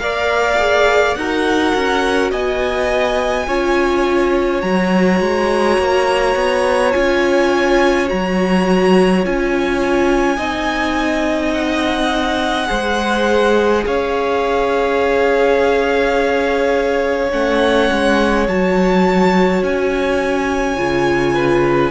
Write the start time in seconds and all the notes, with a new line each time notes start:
0.00 A#3 A#4 D5 F5
0.58 G#4
1.16 D#4 F#4 A#4 F#5
1.75 C#4
2.31 B3 D#5 G#5
3.48 C#4 F4 C#5
4.62 F#3 F#4 A#5
5.21 G#3
5.79 A#3
6.36 B3
6.93 C#4 F4 G#5
8.07 F#3 F#4 A#5
9.24 C#4 F4 G#5
10.37 C4 D#4 D#5
11.54 F#5
12.67 G#3 G#4 C5
13.87 C#4 C#5 F5
17.31 A3 C#4 F#5
17.92 G#3
18.48 F#3 F#4 A5
19.63 C#4 G#5
20.77 C#3 F4
21.35 B4